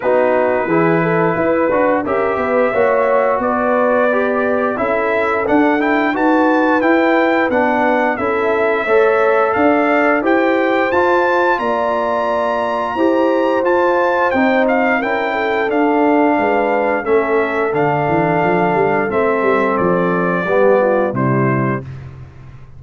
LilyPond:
<<
  \new Staff \with { instrumentName = "trumpet" } { \time 4/4 \tempo 4 = 88 b'2. e''4~ | e''4 d''2 e''4 | fis''8 g''8 a''4 g''4 fis''4 | e''2 f''4 g''4 |
a''4 ais''2. | a''4 g''8 f''8 g''4 f''4~ | f''4 e''4 f''2 | e''4 d''2 c''4 | }
  \new Staff \with { instrumentName = "horn" } { \time 4/4 fis'4 gis'8 a'8 b'4 ais'8 b'8 | cis''4 b'2 a'4~ | a'4 b'2. | a'4 cis''4 d''4 c''4~ |
c''4 d''2 c''4~ | c''2 ais'8 a'4. | b'4 a'2.~ | a'2 g'8 f'8 e'4 | }
  \new Staff \with { instrumentName = "trombone" } { \time 4/4 dis'4 e'4. fis'8 g'4 | fis'2 g'4 e'4 | d'8 e'8 fis'4 e'4 d'4 | e'4 a'2 g'4 |
f'2. g'4 | f'4 dis'4 e'4 d'4~ | d'4 cis'4 d'2 | c'2 b4 g4 | }
  \new Staff \with { instrumentName = "tuba" } { \time 4/4 b4 e4 e'8 d'8 cis'8 b8 | ais4 b2 cis'4 | d'4 dis'4 e'4 b4 | cis'4 a4 d'4 e'4 |
f'4 ais2 e'4 | f'4 c'4 cis'4 d'4 | gis4 a4 d8 e8 f8 g8 | a8 g8 f4 g4 c4 | }
>>